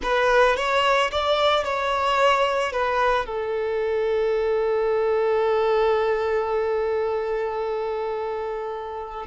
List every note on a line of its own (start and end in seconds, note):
0.02 0.56 B4
0.56 1.11 C#5
1.11 1.64 D5
1.64 2.72 C#5
2.72 3.26 B4
3.26 9.26 A4